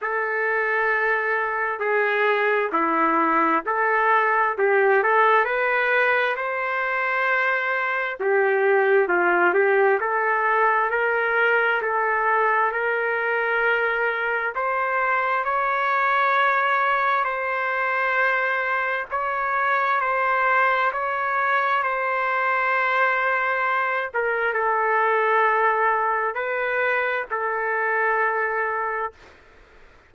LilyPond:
\new Staff \with { instrumentName = "trumpet" } { \time 4/4 \tempo 4 = 66 a'2 gis'4 e'4 | a'4 g'8 a'8 b'4 c''4~ | c''4 g'4 f'8 g'8 a'4 | ais'4 a'4 ais'2 |
c''4 cis''2 c''4~ | c''4 cis''4 c''4 cis''4 | c''2~ c''8 ais'8 a'4~ | a'4 b'4 a'2 | }